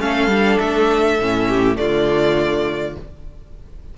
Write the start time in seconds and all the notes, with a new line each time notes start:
0.00 A3 C#4 A4 F5
0.28 G3 D4
0.59 A3 E5
1.20 A2 C#4
1.49 G4
1.76 D3 A3 F4 D5